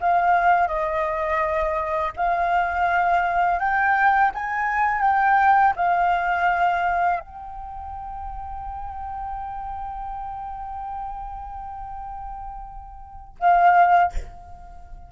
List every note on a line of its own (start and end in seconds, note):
0.00 0.67 F5
0.67 2.12 D#5
2.16 3.59 F5
3.59 4.31 G5
4.34 5.01 G#5
5.01 5.73 G5
5.76 7.20 F5
7.20 13.34 G5
13.39 14.12 F5